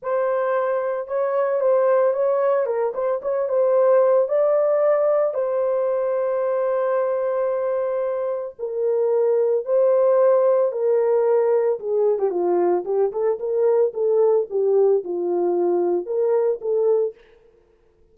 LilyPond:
\new Staff \with { instrumentName = "horn" } { \time 4/4 \tempo 4 = 112 c''2 cis''4 c''4 | cis''4 ais'8 c''8 cis''8 c''4. | d''2 c''2~ | c''1 |
ais'2 c''2 | ais'2 gis'8. g'16 f'4 | g'8 a'8 ais'4 a'4 g'4 | f'2 ais'4 a'4 | }